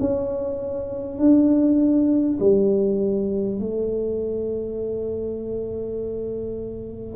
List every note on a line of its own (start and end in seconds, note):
0.00 1.18 C#4
1.18 2.38 D4
2.39 3.59 G3
3.59 7.16 A3